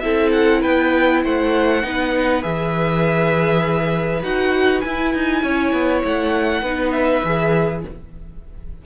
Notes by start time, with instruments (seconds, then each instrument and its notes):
0.00 cello C4, viola E4, violin A4 E5
0.32 violin F#5
0.61 cello B3, violin B4 G5
1.24 cello A3, violin C5 F#5
1.83 cello B3, viola D#4, violin B4
2.42 cello E3, viola G#4, violin E5
4.23 cello D#4, viola F#4, violin F#5
4.81 viola E4, cello E4, violin G#5
5.14 cello D#4
5.43 cello C#4, violin C#5
5.73 cello B3
6.05 cello A3, violin F#5
6.62 cello B3, viola D#4, violin B4
6.92 violin E5
7.25 cello E3, viola G#4